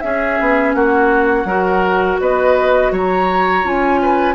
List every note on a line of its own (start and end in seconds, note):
0.00 1.47 C#4
0.00 0.39 C#4
0.00 0.76 G#4
0.00 0.72 E5
0.40 0.74 B3
0.74 1.44 A#3
0.74 1.47 F#4
0.74 2.18 F#5
1.44 2.17 F#3
1.44 3.63 F#4
1.44 2.19 A#4
2.20 2.91 B3
2.20 2.92 B4
2.20 2.93 D#5
2.91 3.64 F#3
2.91 4.00 C#5
2.91 3.67 A#5
3.63 4.34 C#4
3.63 4.34 F4
3.63 4.34 G#5
4.02 4.34 B4